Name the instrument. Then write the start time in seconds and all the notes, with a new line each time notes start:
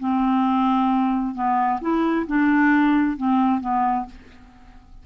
clarinet
0.00 C4
1.35 B3
1.81 E4
2.27 D4
3.17 C4
3.61 B3